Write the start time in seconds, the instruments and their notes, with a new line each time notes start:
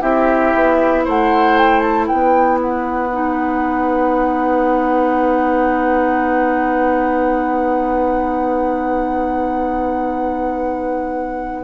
0.00 bassoon C4, clarinet E4, oboe G4, flute E5
0.54 bassoon B3
1.04 bassoon A3, oboe C5, flute F#5
1.58 flute G5
1.79 flute A5
2.07 bassoon B3, oboe B4, flute G5
2.61 flute F#5
3.11 clarinet D#4